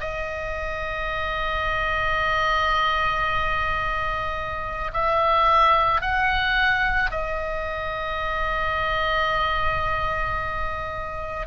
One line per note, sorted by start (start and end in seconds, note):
0.00 4.91 D#5
4.93 6.01 E5
6.01 7.10 F#5
7.11 11.46 D#5